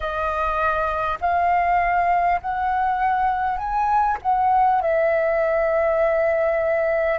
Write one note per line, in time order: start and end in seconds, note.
0.00 1.18 D#5
1.21 2.41 F5
2.41 3.57 F#5
3.57 4.17 G#5
4.22 4.81 F#5
4.81 7.18 E5